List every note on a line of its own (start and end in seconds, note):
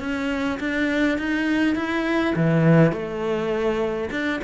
0.00 0.59 C#4
0.60 1.18 D4
1.18 1.75 D#4
1.75 2.34 E4
2.35 2.92 E3
2.92 4.10 A3
4.10 4.40 D4